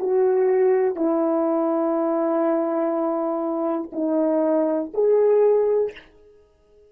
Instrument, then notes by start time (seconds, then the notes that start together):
horn
0.00 F#4
0.96 E4
3.93 D#4
4.94 G#4